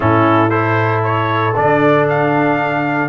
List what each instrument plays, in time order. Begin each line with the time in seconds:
0.00 tuba A2, trombone C#4, horn E4, trumpet A4
0.50 trombone E4, horn A4, trumpet C5
1.03 trumpet C#5
1.55 tuba D3, trombone D4, trumpet D5
2.09 trumpet F5